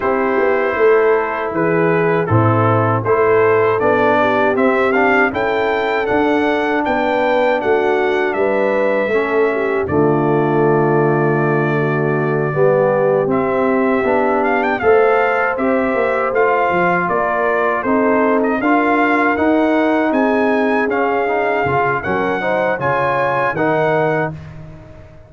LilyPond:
<<
  \new Staff \with { instrumentName = "trumpet" } { \time 4/4 \tempo 4 = 79 c''2 b'4 a'4 | c''4 d''4 e''8 f''8 g''4 | fis''4 g''4 fis''4 e''4~ | e''4 d''2.~ |
d''4. e''4. f''16 g''16 f''8~ | f''8 e''4 f''4 d''4 c''8~ | c''16 dis''16 f''4 fis''4 gis''4 f''8~ | f''4 fis''4 gis''4 fis''4 | }
  \new Staff \with { instrumentName = "horn" } { \time 4/4 g'4 a'4 gis'4 e'4 | a'4. g'4. a'4~ | a'4 b'4 fis'4 b'4 | a'8 g'8 f'2~ f'8 fis'8~ |
fis'8 g'2. c''8~ | c''2~ c''8 ais'4 a'8~ | a'8 ais'2 gis'4.~ | gis'4 ais'8 c''8 cis''4 ais'4 | }
  \new Staff \with { instrumentName = "trombone" } { \time 4/4 e'2. c'4 | e'4 d'4 c'8 d'8 e'4 | d'1 | cis'4 a2.~ |
a8 b4 c'4 d'4 a'8~ | a'8 g'4 f'2 dis'8~ | dis'8 f'4 dis'2 cis'8 | dis'8 f'8 cis'8 dis'8 f'4 dis'4 | }
  \new Staff \with { instrumentName = "tuba" } { \time 4/4 c'8 b8 a4 e4 a,4 | a4 b4 c'4 cis'4 | d'4 b4 a4 g4 | a4 d2.~ |
d8 g4 c'4 b4 a8~ | a8 c'8 ais8 a8 f8 ais4 c'8~ | c'8 d'4 dis'4 c'4 cis'8~ | cis'8 cis8 fis4 cis4 dis4 | }
>>